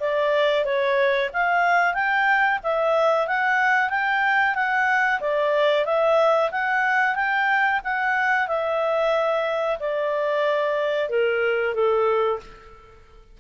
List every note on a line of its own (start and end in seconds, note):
0.00 0.65 D5
0.65 1.30 C#5
1.33 1.94 F5
1.94 2.59 G5
2.63 3.27 E5
3.27 3.90 F#5
3.90 4.55 G5
4.55 5.20 F#5
5.21 5.85 D5
5.85 6.51 E5
6.51 7.15 F#5
7.15 7.81 G5
7.84 8.48 F#5
8.48 9.78 E5
9.80 11.09 D5
11.09 11.75 A#4
11.75 12.40 A4